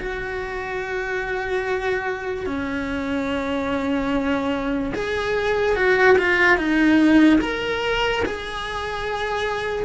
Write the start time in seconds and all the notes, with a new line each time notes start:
0.00 F#4
2.46 C#4
4.94 G#4
5.76 F#4
6.18 F4
6.57 D#4
7.41 A#4
8.25 G#4